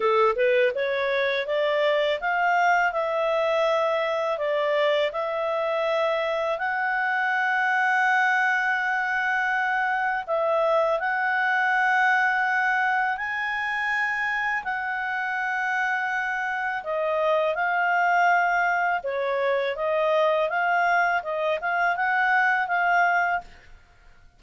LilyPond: \new Staff \with { instrumentName = "clarinet" } { \time 4/4 \tempo 4 = 82 a'8 b'8 cis''4 d''4 f''4 | e''2 d''4 e''4~ | e''4 fis''2.~ | fis''2 e''4 fis''4~ |
fis''2 gis''2 | fis''2. dis''4 | f''2 cis''4 dis''4 | f''4 dis''8 f''8 fis''4 f''4 | }